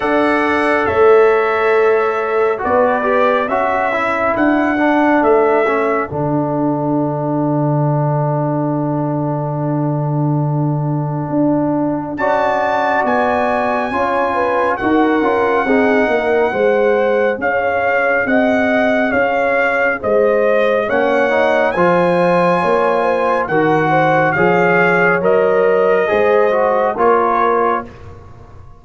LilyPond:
<<
  \new Staff \with { instrumentName = "trumpet" } { \time 4/4 \tempo 4 = 69 fis''4 e''2 d''4 | e''4 fis''4 e''4 fis''4~ | fis''1~ | fis''2 a''4 gis''4~ |
gis''4 fis''2. | f''4 fis''4 f''4 dis''4 | fis''4 gis''2 fis''4 | f''4 dis''2 cis''4 | }
  \new Staff \with { instrumentName = "horn" } { \time 4/4 d''4 cis''2 b'4 | a'1~ | a'1~ | a'2 d''2 |
cis''8 b'8 ais'4 gis'8 ais'8 c''4 | cis''4 dis''4 cis''4 c''4 | cis''4 c''4 cis''8 c''8 ais'8 c''8 | cis''2 c''4 ais'4 | }
  \new Staff \with { instrumentName = "trombone" } { \time 4/4 a'2. fis'8 g'8 | fis'8 e'4 d'4 cis'8 d'4~ | d'1~ | d'2 fis'2 |
f'4 fis'8 f'8 dis'4 gis'4~ | gis'1 | cis'8 dis'8 f'2 fis'4 | gis'4 ais'4 gis'8 fis'8 f'4 | }
  \new Staff \with { instrumentName = "tuba" } { \time 4/4 d'4 a2 b4 | cis'4 d'4 a4 d4~ | d1~ | d4 d'4 cis'4 b4 |
cis'4 dis'8 cis'8 c'8 ais8 gis4 | cis'4 c'4 cis'4 gis4 | ais4 f4 ais4 dis4 | f4 fis4 gis4 ais4 | }
>>